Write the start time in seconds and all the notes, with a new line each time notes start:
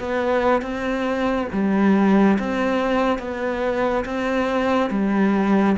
0.00 B3
0.62 C4
1.53 G3
2.40 C4
3.19 B3
4.05 C4
4.91 G3